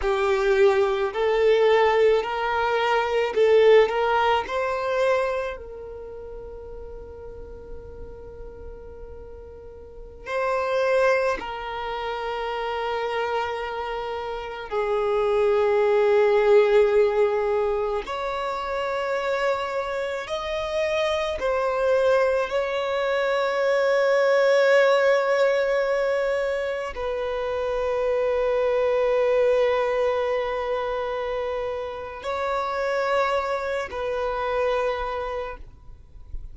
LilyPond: \new Staff \with { instrumentName = "violin" } { \time 4/4 \tempo 4 = 54 g'4 a'4 ais'4 a'8 ais'8 | c''4 ais'2.~ | ais'4~ ais'16 c''4 ais'4.~ ais'16~ | ais'4~ ais'16 gis'2~ gis'8.~ |
gis'16 cis''2 dis''4 c''8.~ | c''16 cis''2.~ cis''8.~ | cis''16 b'2.~ b'8.~ | b'4 cis''4. b'4. | }